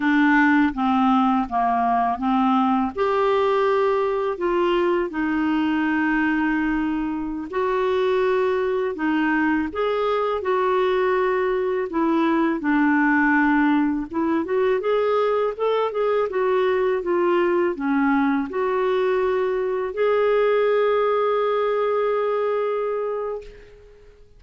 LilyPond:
\new Staff \with { instrumentName = "clarinet" } { \time 4/4 \tempo 4 = 82 d'4 c'4 ais4 c'4 | g'2 f'4 dis'4~ | dis'2~ dis'16 fis'4.~ fis'16~ | fis'16 dis'4 gis'4 fis'4.~ fis'16~ |
fis'16 e'4 d'2 e'8 fis'16~ | fis'16 gis'4 a'8 gis'8 fis'4 f'8.~ | f'16 cis'4 fis'2 gis'8.~ | gis'1 | }